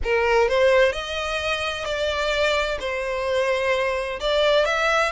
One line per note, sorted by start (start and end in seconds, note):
0.03 0.48 A#4
0.48 0.92 C5
0.92 1.85 D#5
1.85 2.78 D5
2.79 4.19 C5
4.20 4.65 D5
4.65 5.11 E5